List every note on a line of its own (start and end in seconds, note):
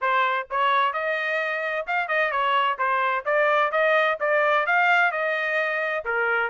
0.01 0.47 C5
0.50 0.93 C#5
0.93 1.86 D#5
1.86 2.08 F5
2.08 2.31 D#5
2.31 2.77 C#5
2.78 3.24 C5
3.25 3.71 D5
3.71 4.18 D#5
4.20 4.66 D5
4.66 5.11 F5
5.11 6.04 D#5
6.04 6.49 A#4